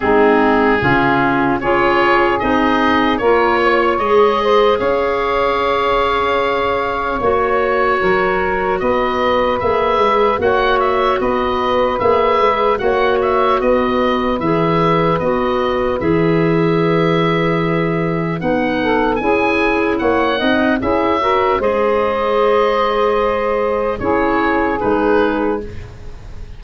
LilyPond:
<<
  \new Staff \with { instrumentName = "oboe" } { \time 4/4 \tempo 4 = 75 gis'2 cis''4 dis''4 | cis''4 dis''4 f''2~ | f''4 cis''2 dis''4 | e''4 fis''8 e''8 dis''4 e''4 |
fis''8 e''8 dis''4 e''4 dis''4 | e''2. fis''4 | gis''4 fis''4 e''4 dis''4~ | dis''2 cis''4 b'4 | }
  \new Staff \with { instrumentName = "saxophone" } { \time 4/4 dis'4 f'4 gis'2 | ais'8 cis''4 c''8 cis''2~ | cis''2 ais'4 b'4~ | b'4 cis''4 b'2 |
cis''4 b'2.~ | b'2.~ b'8 a'8 | gis'4 cis''8 dis''8 gis'8 ais'8 c''4~ | c''2 gis'2 | }
  \new Staff \with { instrumentName = "clarinet" } { \time 4/4 c'4 cis'4 f'4 dis'4 | f'4 gis'2.~ | gis'4 fis'2. | gis'4 fis'2 gis'4 |
fis'2 gis'4 fis'4 | gis'2. dis'4 | e'4. dis'8 e'8 fis'8 gis'4~ | gis'2 e'4 dis'4 | }
  \new Staff \with { instrumentName = "tuba" } { \time 4/4 gis4 cis4 cis'4 c'4 | ais4 gis4 cis'2~ | cis'4 ais4 fis4 b4 | ais8 gis8 ais4 b4 ais8 gis8 |
ais4 b4 e4 b4 | e2. b4 | cis'4 ais8 c'8 cis'4 gis4~ | gis2 cis'4 gis4 | }
>>